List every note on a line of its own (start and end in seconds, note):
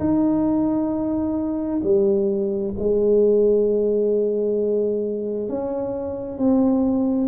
0.00 1.82 D#4
1.83 2.74 G3
2.79 5.49 G#3
5.49 6.38 C#4
6.38 7.28 C4